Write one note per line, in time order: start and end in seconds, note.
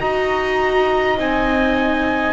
0.00 1.18 D#4
0.00 1.17 F#4
0.00 2.33 D#5
0.00 1.18 A#5
1.17 2.33 C4
1.17 2.33 D#4
1.17 2.33 G#5